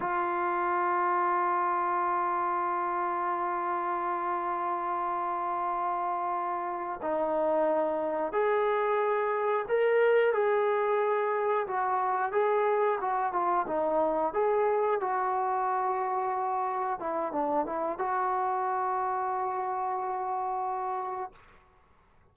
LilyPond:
\new Staff \with { instrumentName = "trombone" } { \time 4/4 \tempo 4 = 90 f'1~ | f'1~ | f'2~ f'8 dis'4.~ | dis'8 gis'2 ais'4 gis'8~ |
gis'4. fis'4 gis'4 fis'8 | f'8 dis'4 gis'4 fis'4.~ | fis'4. e'8 d'8 e'8 fis'4~ | fis'1 | }